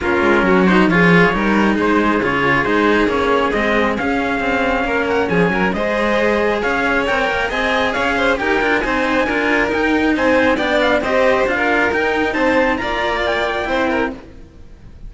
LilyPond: <<
  \new Staff \with { instrumentName = "trumpet" } { \time 4/4 \tempo 4 = 136 ais'4. c''8 cis''2 | c''4 cis''4 c''4 cis''4 | dis''4 f''2~ f''8 fis''8 | gis''4 dis''2 f''4 |
g''4 gis''4 f''4 g''4 | gis''2 g''4 gis''4 | g''8 f''8 dis''4 f''4 g''4 | a''4 ais''4 g''2 | }
  \new Staff \with { instrumentName = "violin" } { \time 4/4 f'4 fis'4 gis'4 ais'4 | gis'1~ | gis'2. ais'4 | gis'8 ais'8 c''2 cis''4~ |
cis''4 dis''4 cis''8 c''8 ais'4 | c''4 ais'2 c''4 | d''4 c''4~ c''16 ais'4.~ ais'16 | c''4 d''2 c''8 ais'8 | }
  \new Staff \with { instrumentName = "cello" } { \time 4/4 cis'4. dis'8 f'4 dis'4~ | dis'4 f'4 dis'4 cis'4 | gis4 cis'2.~ | cis'4 gis'2. |
ais'4 gis'2 g'8 f'8 | dis'4 f'4 dis'2 | d'4 g'4 f'4 dis'4~ | dis'4 f'2 e'4 | }
  \new Staff \with { instrumentName = "cello" } { \time 4/4 ais8 gis8 fis4 f4 g4 | gis4 cis4 gis4 ais4 | c'4 cis'4 c'4 ais4 | f8 fis8 gis2 cis'4 |
c'8 ais8 c'4 cis'4 dis'8 d'8 | c'4 d'4 dis'4 c'4 | b4 c'4 d'4 dis'4 | c'4 ais2 c'4 | }
>>